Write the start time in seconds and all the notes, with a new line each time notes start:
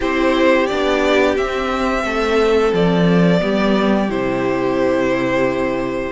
0.00 C4 E4 G4 C5
0.66 B3 D4 D5
1.37 C4 E5
2.04 A3 A4
2.73 F3 D5
3.39 G3 B3 G4
4.09 C3 E4 C5